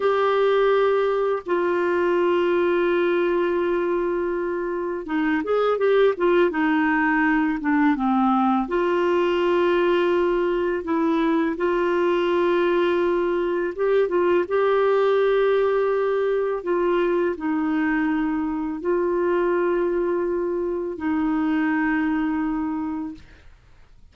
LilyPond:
\new Staff \with { instrumentName = "clarinet" } { \time 4/4 \tempo 4 = 83 g'2 f'2~ | f'2. dis'8 gis'8 | g'8 f'8 dis'4. d'8 c'4 | f'2. e'4 |
f'2. g'8 f'8 | g'2. f'4 | dis'2 f'2~ | f'4 dis'2. | }